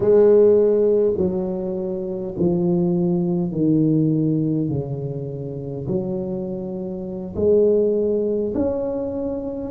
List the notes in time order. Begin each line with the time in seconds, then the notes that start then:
0.00 G#3
1.17 F#3
2.39 F3
3.51 D#3
4.68 C#3
5.87 F#3
7.35 G#3
8.54 C#4